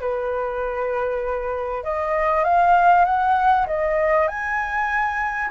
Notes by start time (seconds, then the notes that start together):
0.00 B4
1.83 D#5
2.44 F5
3.04 F#5
3.66 D#5
4.27 G#5